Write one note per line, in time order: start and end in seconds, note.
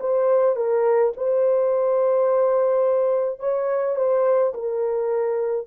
0.00 0.56 C5
0.56 1.13 A#4
1.16 3.40 C5
3.40 3.96 C#5
3.96 4.53 C5
4.54 5.67 A#4